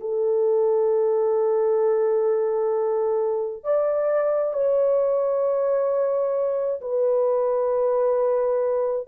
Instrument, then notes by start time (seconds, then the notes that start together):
horn
0.00 A4
3.63 D5
4.53 C#5
6.81 B4